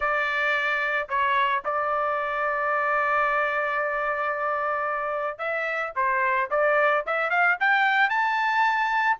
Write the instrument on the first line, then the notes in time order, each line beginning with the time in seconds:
trumpet
0.00 D5
1.08 C#5
1.64 D5
5.38 E5
5.95 C5
6.50 D5
7.06 E5
7.30 F5
7.60 G5
8.09 A5